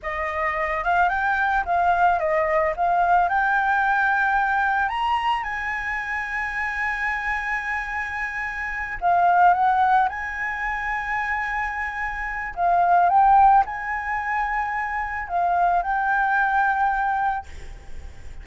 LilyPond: \new Staff \with { instrumentName = "flute" } { \time 4/4 \tempo 4 = 110 dis''4. f''8 g''4 f''4 | dis''4 f''4 g''2~ | g''4 ais''4 gis''2~ | gis''1~ |
gis''8 f''4 fis''4 gis''4.~ | gis''2. f''4 | g''4 gis''2. | f''4 g''2. | }